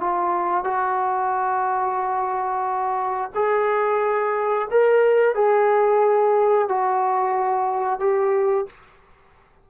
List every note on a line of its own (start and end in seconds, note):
0.00 0.64 F4
0.64 3.31 F#4
3.35 4.68 G#4
4.71 5.35 A#4
5.35 6.68 G#4
6.68 7.99 F#4
7.99 8.66 G4